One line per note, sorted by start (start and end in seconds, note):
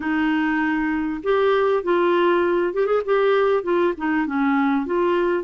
0.00 1.21 D#4
1.23 1.83 G4
1.83 2.73 F4
2.73 2.86 G4
2.86 3.01 G#4
3.05 3.63 G4
3.63 3.93 F4
3.97 4.26 D#4
4.26 4.86 C#4
4.86 5.43 F4